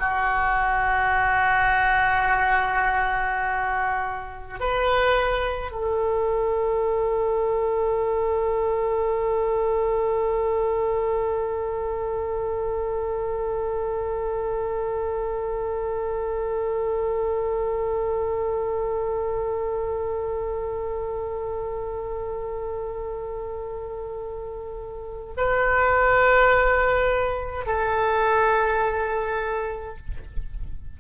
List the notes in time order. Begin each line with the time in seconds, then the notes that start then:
0.00 F#4
4.60 B4
5.72 A4
25.37 B4
27.67 A4